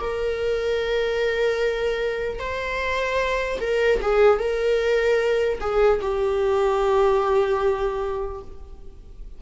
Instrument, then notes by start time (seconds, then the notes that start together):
viola
0.00 A#4
2.39 C5
3.60 A#4
4.01 G#4
4.38 A#4
5.60 G#4
6.01 G4